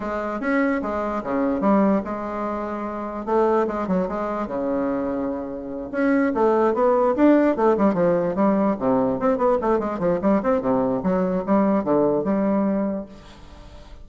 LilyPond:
\new Staff \with { instrumentName = "bassoon" } { \time 4/4 \tempo 4 = 147 gis4 cis'4 gis4 cis4 | g4 gis2. | a4 gis8 fis8 gis4 cis4~ | cis2~ cis8 cis'4 a8~ |
a8 b4 d'4 a8 g8 f8~ | f8 g4 c4 c'8 b8 a8 | gis8 f8 g8 c'8 c4 fis4 | g4 d4 g2 | }